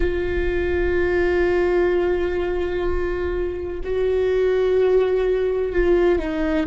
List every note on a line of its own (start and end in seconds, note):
0.00 3.80 F4
3.84 5.72 F#4
5.72 6.18 F4
6.18 6.66 D#4